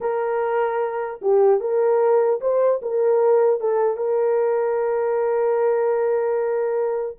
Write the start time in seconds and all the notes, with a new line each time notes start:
0.01 A#4
1.21 G4
1.60 A#4
2.40 C5
2.82 A#4
3.60 A4
3.96 A#4